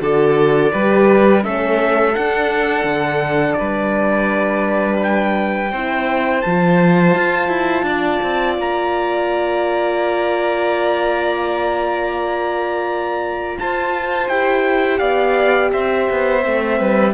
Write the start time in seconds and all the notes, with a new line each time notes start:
0.00 D3 F#4 A4 D5
0.72 G3 G4 B4
1.42 A3 C#4 A4 E5
2.14 D4 F#5
2.84 D3
3.53 B4 D5
3.60 G3
5.03 G5
5.71 C4 E4 C5
6.41 F3 F4 A5
7.15 F4
7.48 E4
7.83 D4 D5
8.22 C4
8.58 A#3 A#5
13.58 F4 C5 A5
14.28 E4 G4 G5
14.98 B3 D5 F5
15.72 C4 C5 E5
16.10 B3
16.41 A3 C4
16.78 G3 B4